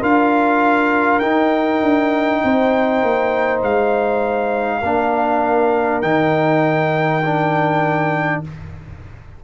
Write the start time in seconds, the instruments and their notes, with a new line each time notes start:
0.00 tuba D4, trombone F4, horn A#4, trumpet F5
1.19 tuba D#4, trombone D#4, trumpet G5
1.82 tuba D4
2.43 tuba C4, horn C5
3.02 tuba A#3
3.62 tuba G#3, trumpet F5
4.79 tuba A#3, trombone D4, horn A#4
6.01 tuba D#3, trombone D#4, trumpet G5
7.24 trombone D4